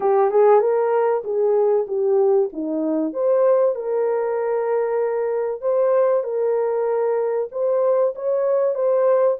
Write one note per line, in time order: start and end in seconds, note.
0.00 0.30 G4
0.30 0.60 G#4
0.60 1.22 A#4
1.24 1.86 G#4
1.87 2.49 G4
2.52 3.12 D#4
3.12 3.75 C5
3.75 5.61 A#4
5.61 6.23 C5
6.23 7.48 A#4
7.51 8.14 C5
8.15 8.74 C#5
8.74 9.37 C5